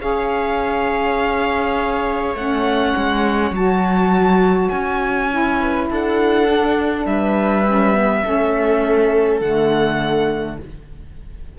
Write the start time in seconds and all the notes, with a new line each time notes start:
0.00 C#4 G#4 C#5 F5
2.34 A3 C#4 F#5
2.97 G#3
3.51 F#3 F#4 A5
4.69 C#4 G#5
5.30 E4
5.60 B4
5.90 D4 A4 F#5
6.46 D4
7.05 G3 B4 E5
7.67 C#4
7.94 B3
8.24 A3 C#4 A4
9.40 D3 A3 F#5